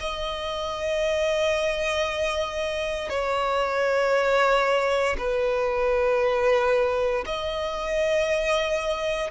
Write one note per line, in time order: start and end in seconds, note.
0.00 3.09 D#5
3.09 5.16 C#5
5.18 7.25 B4
7.26 9.31 D#5